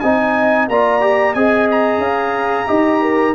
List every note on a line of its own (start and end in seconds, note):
0.00 0.69 C4
0.00 0.71 D#4
0.00 0.67 D#5
0.00 0.67 G#5
0.69 1.35 A#3
0.69 1.01 F4
0.69 1.35 D5
0.69 1.34 A#5
1.01 1.34 G4
1.34 1.98 C4
1.34 2.67 G#4
1.34 2.01 D#5
1.34 1.67 G#5
1.71 3.35 A#5
1.98 2.65 C#4
1.98 2.68 F5
2.67 3.35 D#4
2.67 3.34 G4
2.67 3.01 D#5
3.02 3.35 A#4